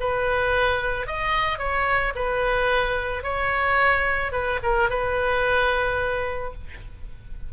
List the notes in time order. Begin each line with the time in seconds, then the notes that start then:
0.00 B4
1.07 D#5
1.59 C#5
2.15 B4
3.23 C#5
4.32 B4
4.63 A#4
4.90 B4